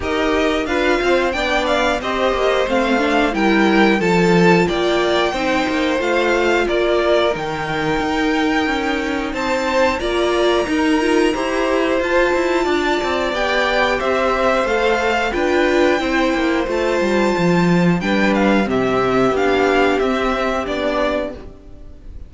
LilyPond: <<
  \new Staff \with { instrumentName = "violin" } { \time 4/4 \tempo 4 = 90 dis''4 f''4 g''8 f''8 dis''4 | f''4 g''4 a''4 g''4~ | g''4 f''4 d''4 g''4~ | g''2 a''4 ais''4~ |
ais''2 a''2 | g''4 e''4 f''4 g''4~ | g''4 a''2 g''8 f''8 | e''4 f''4 e''4 d''4 | }
  \new Staff \with { instrumentName = "violin" } { \time 4/4 ais'4 b'8 c''8 d''4 c''4~ | c''4 ais'4 a'4 d''4 | c''2 ais'2~ | ais'2 c''4 d''4 |
ais'4 c''2 d''4~ | d''4 c''2 b'4 | c''2. b'4 | g'1 | }
  \new Staff \with { instrumentName = "viola" } { \time 4/4 g'4 f'4 d'4 g'4 | c'8 d'8 e'4 f'2 | dis'4 f'2 dis'4~ | dis'2. f'4 |
dis'8 f'8 g'4 f'2 | g'2 a'4 f'4 | e'4 f'2 d'4 | c'4 d'4 c'4 d'4 | }
  \new Staff \with { instrumentName = "cello" } { \time 4/4 dis'4 d'8 c'8 b4 c'8 ais8 | a4 g4 f4 ais4 | c'8 ais8 a4 ais4 dis4 | dis'4 cis'4 c'4 ais4 |
dis'4 e'4 f'8 e'8 d'8 c'8 | b4 c'4 a4 d'4 | c'8 ais8 a8 g8 f4 g4 | c4 b4 c'4 b4 | }
>>